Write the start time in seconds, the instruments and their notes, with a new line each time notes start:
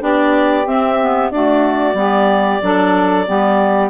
0.00 bassoon B3, clarinet D4 D5, saxophone G4
0.66 bassoon C4, clarinet C4 E5
1.01 clarinet B3
1.31 clarinet A3 D5, bassoon D4, saxophone F#4
1.94 bassoon G3, clarinet B3, saxophone G4
2.62 bassoon F#3, clarinet D4, saxophone A4
3.26 bassoon G3, clarinet B3, saxophone G4